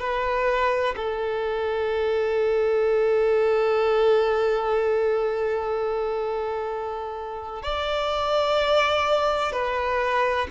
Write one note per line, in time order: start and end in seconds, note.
0.00 0.95 B4
0.97 7.63 A4
7.63 9.53 D5
9.53 10.48 B4